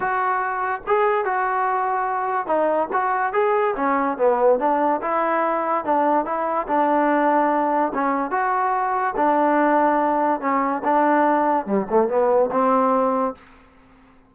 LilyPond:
\new Staff \with { instrumentName = "trombone" } { \time 4/4 \tempo 4 = 144 fis'2 gis'4 fis'4~ | fis'2 dis'4 fis'4 | gis'4 cis'4 b4 d'4 | e'2 d'4 e'4 |
d'2. cis'4 | fis'2 d'2~ | d'4 cis'4 d'2 | g8 a8 b4 c'2 | }